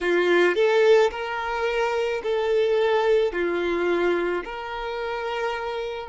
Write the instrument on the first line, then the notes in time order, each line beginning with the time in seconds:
violin
0.01 F4
0.55 A4
1.11 A#4
2.23 A4
3.32 F4
4.44 A#4